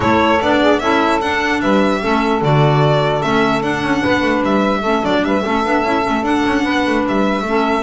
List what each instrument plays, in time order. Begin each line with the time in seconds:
0.00 double bass A3, clarinet E4, saxophone A4, violin C#5
0.41 double bass B3, clarinet D4, violin D5
0.59 saxophone G#4
0.79 double bass C#4, clarinet E4, saxophone A4, violin E5
1.21 double bass D4, clarinet D4, violin F#5
1.60 double bass G3, saxophone B4, violin E5
2.01 double bass A3, clarinet C#4, saxophone A4
2.41 double bass D3, clarinet F#4, violin D5
3.21 double bass A3, clarinet C#4, violin E5
3.61 clarinet D4, double bass D4, violin F#5
3.83 double bass C#4
4.02 double bass B3, saxophone B4
4.21 double bass A3
4.42 double bass G3, violin E5
4.79 double bass A3, clarinet C#4, saxophone A4
5.02 double bass F#3, clarinet D4, violin D5
5.22 double bass G3, saxophone B4, violin E5
5.43 double bass A3, clarinet C#4, saxophone A4
5.64 double bass B3, clarinet D4
5.83 double bass C#4, clarinet E4
6.01 clarinet C#4
6.08 double bass A3
6.22 double bass D4, clarinet D4, violin F#5
6.46 double bass C#4
6.63 double bass B3, saxophone B4
6.86 double bass A3
7.07 double bass G3, violin E5
7.42 double bass A3, clarinet C#4, saxophone A4